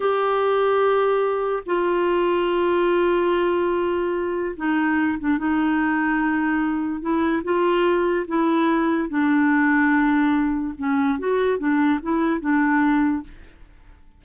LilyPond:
\new Staff \with { instrumentName = "clarinet" } { \time 4/4 \tempo 4 = 145 g'1 | f'1~ | f'2. dis'4~ | dis'8 d'8 dis'2.~ |
dis'4 e'4 f'2 | e'2 d'2~ | d'2 cis'4 fis'4 | d'4 e'4 d'2 | }